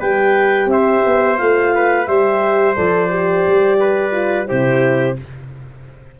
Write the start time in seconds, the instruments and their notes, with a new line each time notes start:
0.00 tuba G3, horn G4, trumpet B4, clarinet G5
0.66 tuba C4, clarinet E5
0.73 trumpet C5
1.06 tuba B3
1.38 tuba A3, horn F4, clarinet F5
1.75 trumpet B4
2.06 tuba G3, horn G4, trumpet C5, clarinet E5
2.76 tuba F3, horn A4, clarinet D5
3.10 horn G4
3.48 tuba G3
3.80 trumpet B4
4.12 horn F4
4.47 tuba C3, horn E4, trumpet G4, clarinet C5